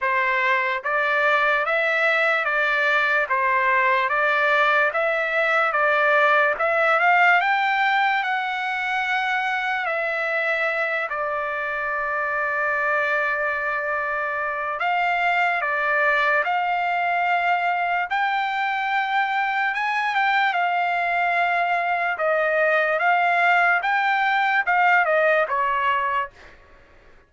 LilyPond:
\new Staff \with { instrumentName = "trumpet" } { \time 4/4 \tempo 4 = 73 c''4 d''4 e''4 d''4 | c''4 d''4 e''4 d''4 | e''8 f''8 g''4 fis''2 | e''4. d''2~ d''8~ |
d''2 f''4 d''4 | f''2 g''2 | gis''8 g''8 f''2 dis''4 | f''4 g''4 f''8 dis''8 cis''4 | }